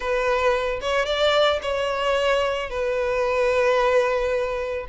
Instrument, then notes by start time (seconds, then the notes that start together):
violin
0.00 B4
0.81 C#5
1.05 D5
1.62 C#5
2.70 B4